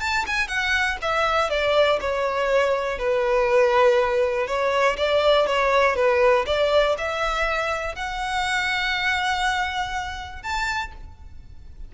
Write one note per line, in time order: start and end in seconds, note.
0.00 0.25 A5
0.26 0.48 G#5
0.48 0.97 F#5
1.01 1.49 E5
1.49 1.99 D5
2.00 2.98 C#5
2.98 4.47 B4
4.47 4.96 C#5
4.97 5.46 D5
5.46 5.95 C#5
5.95 6.45 B4
6.46 6.96 D5
6.98 7.95 E5
7.95 10.42 F#5
10.42 10.92 A5